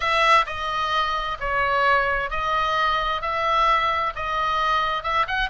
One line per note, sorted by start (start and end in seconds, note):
0.00 0.45 E5
0.46 1.37 D#5
1.39 2.30 C#5
2.30 3.21 D#5
3.21 4.13 E5
4.15 5.03 D#5
5.03 5.26 E5
5.27 5.49 F#5